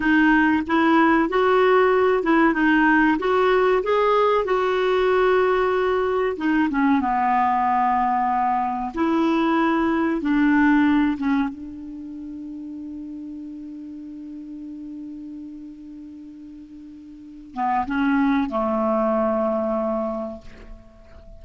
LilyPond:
\new Staff \with { instrumentName = "clarinet" } { \time 4/4 \tempo 4 = 94 dis'4 e'4 fis'4. e'8 | dis'4 fis'4 gis'4 fis'4~ | fis'2 dis'8 cis'8 b4~ | b2 e'2 |
d'4. cis'8 d'2~ | d'1~ | d'2.~ d'8 b8 | cis'4 a2. | }